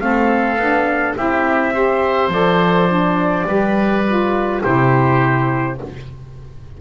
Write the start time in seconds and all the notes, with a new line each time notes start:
0.00 A3 C4 A4 F5
0.57 B3 D4
1.17 C4 E4 G4 E5
1.73 G4 C5
2.29 F3 A4 D5
2.89 D4
3.46 G3 G4 B4
4.08 F4
4.63 C3 E4 G4 C5